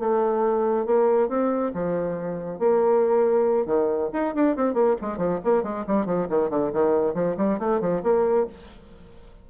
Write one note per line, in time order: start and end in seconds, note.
0.00 0.86 A3
0.86 1.29 A#3
1.29 1.73 C4
1.74 2.60 F3
2.60 3.66 A#3
3.66 4.10 D#3
4.13 4.35 D#4
4.35 4.57 D4
4.57 4.75 C4
4.75 4.96 A#3
5.02 5.18 G#3
5.18 5.40 F3
5.45 5.64 A#3
5.64 5.85 G#3
5.87 6.06 G3
6.06 6.28 F3
6.30 6.50 D#3
6.50 6.72 D3
6.74 7.15 D#3
7.15 7.37 F3
7.38 7.59 G3
7.60 7.81 A3
7.81 8.03 F3
8.04 8.47 A#3